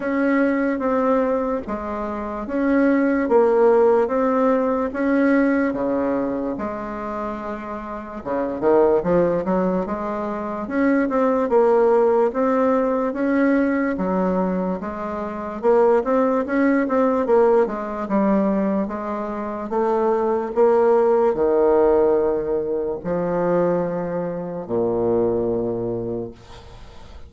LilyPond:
\new Staff \with { instrumentName = "bassoon" } { \time 4/4 \tempo 4 = 73 cis'4 c'4 gis4 cis'4 | ais4 c'4 cis'4 cis4 | gis2 cis8 dis8 f8 fis8 | gis4 cis'8 c'8 ais4 c'4 |
cis'4 fis4 gis4 ais8 c'8 | cis'8 c'8 ais8 gis8 g4 gis4 | a4 ais4 dis2 | f2 ais,2 | }